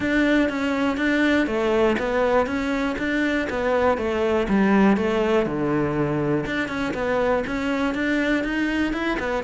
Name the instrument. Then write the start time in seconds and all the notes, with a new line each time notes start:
cello
0.00 D4
0.49 C#4
0.97 D4
1.46 A3
1.98 B3
2.46 C#4
2.98 D4
3.49 B3
3.97 A3
4.48 G3
4.96 A3
5.46 D3
6.46 D4
6.68 C#4
6.94 B3
7.46 C#4
7.94 D4
8.44 D#4
8.93 E4
9.19 B3